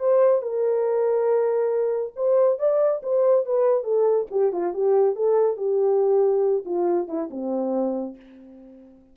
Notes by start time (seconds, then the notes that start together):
0.00 C5
0.42 A#4
2.16 C5
2.59 D5
3.03 C5
3.46 B4
3.84 A4
4.31 G4
4.53 F4
4.74 G4
5.16 A4
5.57 G4
6.66 F4
7.08 E4
7.31 C4